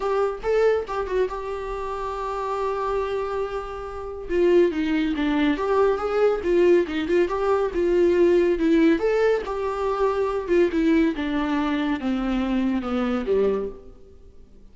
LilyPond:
\new Staff \with { instrumentName = "viola" } { \time 4/4 \tempo 4 = 140 g'4 a'4 g'8 fis'8 g'4~ | g'1~ | g'2 f'4 dis'4 | d'4 g'4 gis'4 f'4 |
dis'8 f'8 g'4 f'2 | e'4 a'4 g'2~ | g'8 f'8 e'4 d'2 | c'2 b4 g4 | }